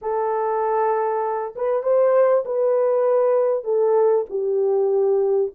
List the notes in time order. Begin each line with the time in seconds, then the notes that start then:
0.01 A4
1.55 B4
1.83 C5
2.45 B4
3.63 A4
4.29 G4